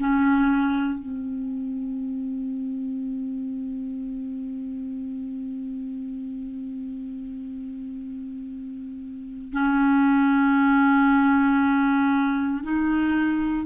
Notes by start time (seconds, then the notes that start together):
0.00 C#4
0.99 C4
9.53 C#4
12.63 D#4